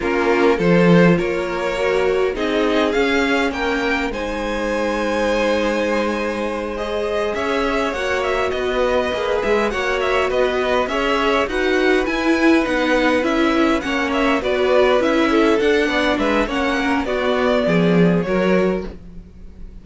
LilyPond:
<<
  \new Staff \with { instrumentName = "violin" } { \time 4/4 \tempo 4 = 102 ais'4 c''4 cis''2 | dis''4 f''4 g''4 gis''4~ | gis''2.~ gis''8 dis''8~ | dis''8 e''4 fis''8 e''8 dis''4. |
e''8 fis''8 e''8 dis''4 e''4 fis''8~ | fis''8 gis''4 fis''4 e''4 fis''8 | e''8 d''4 e''4 fis''4 e''8 | fis''4 d''2 cis''4 | }
  \new Staff \with { instrumentName = "violin" } { \time 4/4 f'4 a'4 ais'2 | gis'2 ais'4 c''4~ | c''1~ | c''8 cis''2 b'4.~ |
b'8 cis''4 b'4 cis''4 b'8~ | b'2.~ b'8 cis''8~ | cis''8 b'4. a'4 d''8 b'8 | cis''8 ais'8 fis'4 gis'4 ais'4 | }
  \new Staff \with { instrumentName = "viola" } { \time 4/4 cis'4 f'2 fis'4 | dis'4 cis'2 dis'4~ | dis'2.~ dis'8 gis'8~ | gis'4. fis'2 gis'8~ |
gis'8 fis'2 gis'4 fis'8~ | fis'8 e'4 dis'4 e'4 cis'8~ | cis'8 fis'4 e'4 d'4. | cis'4 b2 fis'4 | }
  \new Staff \with { instrumentName = "cello" } { \time 4/4 ais4 f4 ais2 | c'4 cis'4 ais4 gis4~ | gis1~ | gis8 cis'4 ais4 b4 ais8 |
gis8 ais4 b4 cis'4 dis'8~ | dis'8 e'4 b4 cis'4 ais8~ | ais8 b4 cis'4 d'8 b8 gis8 | ais4 b4 f4 fis4 | }
>>